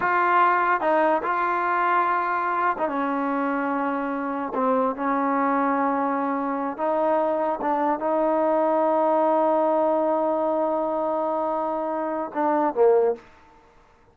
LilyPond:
\new Staff \with { instrumentName = "trombone" } { \time 4/4 \tempo 4 = 146 f'2 dis'4 f'4~ | f'2~ f'8. dis'16 cis'4~ | cis'2. c'4 | cis'1~ |
cis'8 dis'2 d'4 dis'8~ | dis'1~ | dis'1~ | dis'2 d'4 ais4 | }